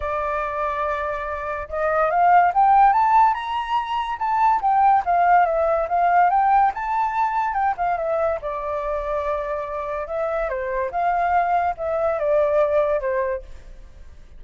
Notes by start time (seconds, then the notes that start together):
0.00 D5
1.68 D#5
2.10 F5
2.54 G5
2.93 A5
3.34 A#5
4.18 A5
4.61 G5
5.05 F5
5.45 E5
5.88 F5
6.29 G5
6.74 A5
7.53 G5
7.77 F5
7.97 E5
8.41 D5
10.07 E5
10.49 C5
10.91 F5
11.77 E5
12.19 D5
13.00 C5